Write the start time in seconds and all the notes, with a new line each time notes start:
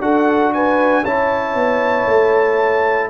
0.00 D4 F#4 A4 F#5
0.53 B4 G#5
1.04 C#4 E4 C#5 A5
1.54 B3
2.06 A3